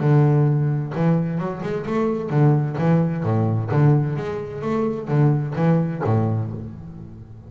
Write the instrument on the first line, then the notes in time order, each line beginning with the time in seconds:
double bass
0.00 D3
0.95 E3
1.38 F#3
1.63 G#3
1.86 A3
2.30 D3
2.78 E3
3.23 A2
3.71 D3
4.16 G#3
4.62 A3
5.08 D3
5.56 E3
6.04 A2